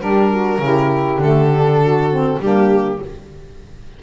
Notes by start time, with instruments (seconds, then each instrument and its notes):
0.00 double bass G3, saxophone D4 G4, violin A#4
0.32 saxophone F#4
0.59 double bass C#3, saxophone E4 G4
1.19 double bass D3, saxophone A3, violin A4
1.53 saxophone D4
1.82 saxophone F#4
2.12 saxophone C4
2.40 double bass G3, saxophone A#3 D4, violin G4